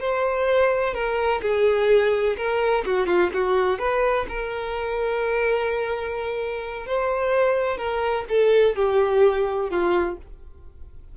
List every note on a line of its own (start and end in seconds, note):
0.00 0.94 C5
0.94 1.41 A#4
1.42 2.36 G#4
2.37 2.84 A#4
2.85 3.06 F#4
3.06 3.30 F4
3.33 3.79 F#4
3.79 4.26 B4
4.28 6.86 A#4
6.86 7.77 C5
7.77 8.25 A#4
8.28 8.75 A4
8.75 9.70 G4
9.70 10.17 F4